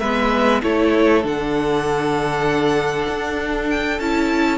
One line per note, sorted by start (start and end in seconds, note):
0.00 0.63 G#3
0.00 0.63 B3
0.00 0.62 B4
0.00 0.61 E5
0.63 1.24 A3
0.63 1.24 E4
0.63 4.59 A4
0.63 1.25 C#5
1.24 3.08 D3
1.24 3.99 D4
1.24 3.70 F#5
3.09 4.00 D4
3.70 4.00 G5
4.00 4.59 C#4
4.00 4.59 E4
4.00 4.59 A5